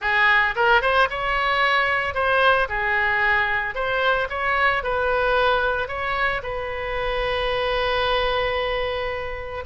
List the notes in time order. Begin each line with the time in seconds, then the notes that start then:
0.01 G#4
0.55 A#4
0.81 C5
1.10 C#5
2.14 C5
2.68 G#4
3.74 C5
4.29 C#5
4.83 B4
5.88 C#5
6.42 B4